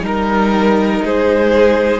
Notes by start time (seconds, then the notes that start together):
0.00 G3 D#4 A#4
0.06 A#4
1.02 G#3 G#4 C5